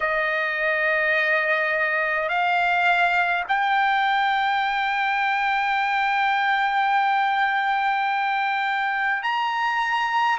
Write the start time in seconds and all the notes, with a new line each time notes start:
0.00 D#5
2.28 F5
3.48 G5
9.23 A#5